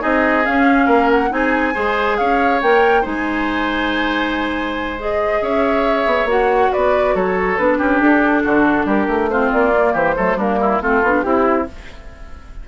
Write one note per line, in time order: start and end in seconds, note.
0.00 0.47 C4
0.00 0.43 D#4
0.00 0.86 G#4
0.00 0.46 D#5
0.45 1.29 C#4
0.45 0.87 C#4
0.45 1.10 F5
0.86 1.30 A#3
0.86 1.29 A#4
1.11 1.32 F#5
1.29 1.74 C4
1.29 1.73 D#4
1.29 1.74 G#4
1.29 2.17 G#5
1.74 2.20 G#3
1.74 2.60 G#4
1.74 2.17 C5
2.17 2.62 C#4
2.17 3.02 C#5
2.17 2.60 F5
2.62 3.05 A#3
2.62 3.03 A#4
2.62 3.05 G5
3.02 5.41 G#3
3.02 4.97 D#4
3.02 5.39 C5
3.02 5.00 G#5
4.99 6.28 G#4
4.99 5.42 D#5
5.41 6.06 C#4
5.41 6.72 C#5
5.41 6.29 E5
6.06 6.25 B3
6.25 6.68 A#3
6.25 7.57 F#4
6.25 6.73 F#5
6.72 7.15 B3
6.72 7.15 B4
6.72 7.16 D5
7.15 7.58 F#3
7.15 7.78 A4
7.15 7.57 C#5
7.57 7.80 B3
7.57 9.31 D4
7.57 8.01 B4
7.78 8.01 C#4
7.78 8.43 G4
8.01 8.44 D4
8.01 8.88 A4
8.44 8.85 D3
8.44 8.86 F#4
8.85 9.07 G3
8.85 9.29 G4
8.85 9.30 A#4
9.07 9.51 A3
9.30 9.72 C4
9.30 9.93 F4
9.30 9.51 C5
9.52 9.94 A#3
9.52 9.95 D5
9.72 10.15 A#3
9.93 10.16 E3
9.93 10.15 G4
9.93 10.39 C5
10.16 10.36 F#3
10.16 10.37 A3
10.16 10.37 A4
10.36 10.79 G3
10.36 10.81 A#3
10.36 10.59 D4
10.36 10.82 A#4
10.61 10.82 E4
10.81 11.02 A3
10.81 11.03 C4
10.81 11.25 F4
10.81 11.22 A4
11.02 11.24 B3
11.02 11.24 D4
11.22 11.68 C4
11.22 11.67 E4
11.22 11.68 E4
11.22 11.65 G4